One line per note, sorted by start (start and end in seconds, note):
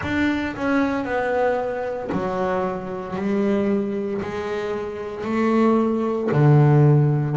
0.02 0.55 D4
0.56 1.04 C#4
1.04 2.10 B3
2.11 3.16 F#3
3.16 4.21 G3
4.21 5.24 G#3
5.24 6.29 A3
6.32 7.36 D3